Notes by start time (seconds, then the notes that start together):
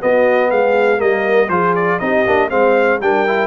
0.00 B3 F#4 D#5
0.49 G#3 G#4 F5
0.97 G3 A#3 A#4 D#5
1.49 F3 F4 G#4 C5
1.75 D5
1.99 C4 D#4 G4 D#5
2.26 A#3 D4
2.49 G#3 C4 C5 F5
3.00 G3 D4 A#4 G5
3.27 E4